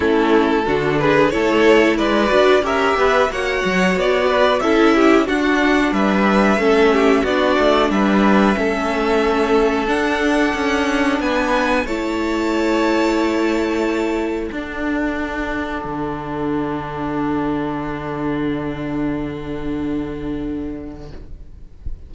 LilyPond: <<
  \new Staff \with { instrumentName = "violin" } { \time 4/4 \tempo 4 = 91 a'4. b'8 cis''4 d''4 | e''4 fis''4 d''4 e''4 | fis''4 e''2 d''4 | e''2. fis''4~ |
fis''4 gis''4 a''2~ | a''2 fis''2~ | fis''1~ | fis''1 | }
  \new Staff \with { instrumentName = "violin" } { \time 4/4 e'4 fis'8 gis'8 a'4 b'4 | ais'8 b'8 cis''4. b'8 a'8 g'8 | fis'4 b'4 a'8 g'8 fis'4 | b'4 a'2.~ |
a'4 b'4 cis''2~ | cis''2 a'2~ | a'1~ | a'1 | }
  \new Staff \with { instrumentName = "viola" } { \time 4/4 cis'4 d'4 e'4. fis'8 | g'4 fis'2 e'4 | d'2 cis'4 d'4~ | d'4 cis'2 d'4~ |
d'2 e'2~ | e'2 d'2~ | d'1~ | d'1 | }
  \new Staff \with { instrumentName = "cello" } { \time 4/4 a4 d4 a4 gis8 d'8 | cis'8 b8 ais8 fis8 b4 cis'4 | d'4 g4 a4 b8 a8 | g4 a2 d'4 |
cis'4 b4 a2~ | a2 d'2 | d1~ | d1 | }
>>